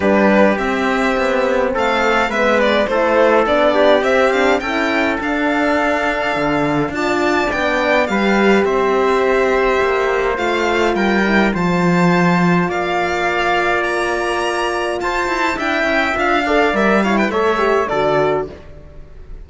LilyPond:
<<
  \new Staff \with { instrumentName = "violin" } { \time 4/4 \tempo 4 = 104 b'4 e''2 f''4 | e''8 d''8 c''4 d''4 e''8 f''8 | g''4 f''2. | a''4 g''4 f''4 e''4~ |
e''2 f''4 g''4 | a''2 f''2 | ais''2 a''4 g''4 | f''4 e''8 f''16 g''16 e''4 d''4 | }
  \new Staff \with { instrumentName = "trumpet" } { \time 4/4 g'2. a'4 | b'4 a'4. g'4. | a'1 | d''2 b'4 c''4~ |
c''2. ais'4 | c''2 d''2~ | d''2 c''4 e''4~ | e''8 d''4 cis''16 b'16 cis''4 a'4 | }
  \new Staff \with { instrumentName = "horn" } { \time 4/4 d'4 c'2. | b4 e'4 d'4 c'8 d'8 | e'4 d'2. | f'4 d'4 g'2~ |
g'2 f'4. e'8 | f'1~ | f'2. e'4 | f'8 a'8 ais'8 e'8 a'8 g'8 fis'4 | }
  \new Staff \with { instrumentName = "cello" } { \time 4/4 g4 c'4 b4 a4 | gis4 a4 b4 c'4 | cis'4 d'2 d4 | d'4 b4 g4 c'4~ |
c'4 ais4 a4 g4 | f2 ais2~ | ais2 f'8 e'8 d'8 cis'8 | d'4 g4 a4 d4 | }
>>